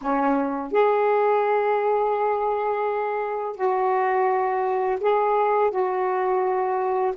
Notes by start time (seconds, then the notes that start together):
0.01 C#4
0.71 G#4
3.56 F#4
5.00 G#4
5.70 F#4